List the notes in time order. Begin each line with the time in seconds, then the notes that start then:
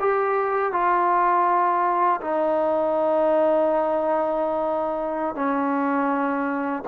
0.00 G4
0.72 F4
2.21 D#4
5.35 C#4